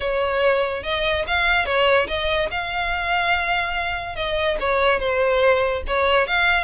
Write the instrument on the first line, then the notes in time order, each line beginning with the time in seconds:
violin
0.00 C#5
0.83 D#5
1.27 F5
1.65 C#5
2.07 D#5
2.51 F5
4.15 D#5
4.59 C#5
4.99 C5
5.87 C#5
6.27 F5